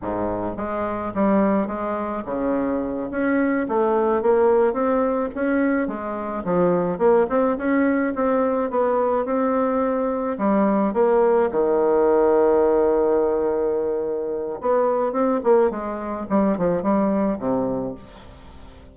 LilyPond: \new Staff \with { instrumentName = "bassoon" } { \time 4/4 \tempo 4 = 107 gis,4 gis4 g4 gis4 | cis4. cis'4 a4 ais8~ | ais8 c'4 cis'4 gis4 f8~ | f8 ais8 c'8 cis'4 c'4 b8~ |
b8 c'2 g4 ais8~ | ais8 dis2.~ dis8~ | dis2 b4 c'8 ais8 | gis4 g8 f8 g4 c4 | }